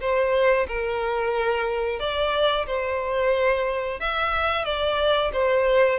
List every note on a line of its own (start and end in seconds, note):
0.00 0.67 C5
0.67 1.99 A#4
1.99 2.66 D5
2.66 4.00 C5
4.00 4.65 E5
4.65 5.31 D5
5.33 5.99 C5